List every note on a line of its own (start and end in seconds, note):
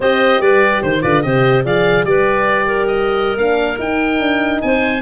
0.00 0.40 C4
0.00 1.02 G4
0.00 0.41 C5
0.00 0.41 D#5
0.40 0.81 G3
0.40 0.83 B4
0.40 0.82 D5
0.82 1.03 D#3
0.82 1.02 C5
1.02 1.24 D3
1.02 1.22 F4
1.02 1.23 B4
1.02 1.22 D5
1.22 1.64 C3
1.22 1.64 G4
1.22 1.65 C5
1.22 1.63 D#5
1.64 2.04 F3
1.64 2.05 G#4
1.64 2.06 D5
1.64 2.05 F5
2.04 3.36 G3
2.04 3.38 G4
2.04 2.66 B4
2.04 2.86 D5
2.66 4.61 A#4
2.86 3.37 D#5
3.36 3.77 A#3
3.36 3.79 D4
3.36 3.78 F5
3.78 4.19 D#4
3.78 5.01 D#4
3.78 4.61 G5
4.19 4.60 D4
4.61 5.01 C4
4.61 5.01 C5
4.61 5.01 G#5